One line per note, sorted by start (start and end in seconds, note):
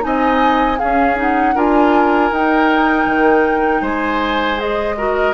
0.00 0.80 C4
0.00 0.76 D#4
0.00 0.79 D#5
0.00 0.79 G#5
0.79 1.16 C#4
0.79 1.55 C#4
0.79 1.54 G#4
0.79 1.17 F5
1.16 1.54 D#4
1.16 1.57 F#5
1.54 2.30 D4
1.54 2.31 F4
1.54 3.81 A#4
1.54 2.33 G#5
2.30 3.05 D#4
2.30 4.58 D#4
2.30 3.84 G5
3.05 3.81 D#3
3.81 5.33 G#3
3.81 4.95 C5
3.81 4.59 G#5
4.58 4.96 G#4
4.58 5.33 D#5
4.97 5.33 F#4
4.97 5.33 A#4